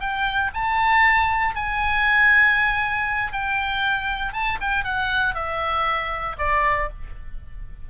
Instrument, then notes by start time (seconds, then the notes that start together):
oboe
0.00 G5
0.54 A5
1.55 G#5
3.33 G5
4.33 A5
4.61 G5
4.84 F#5
5.35 E5
6.38 D5